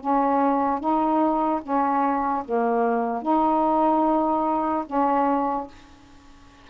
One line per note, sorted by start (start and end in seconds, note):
0.00 0.79 C#4
0.79 1.60 D#4
1.62 2.43 C#4
2.44 3.22 A#3
3.22 4.84 D#4
4.86 5.67 C#4